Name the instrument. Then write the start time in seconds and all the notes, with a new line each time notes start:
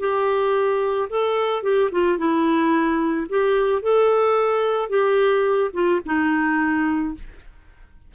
clarinet
0.00 G4
1.10 A4
1.63 G4
1.92 F4
2.18 E4
3.30 G4
3.83 A4
4.89 G4
5.74 F4
6.06 D#4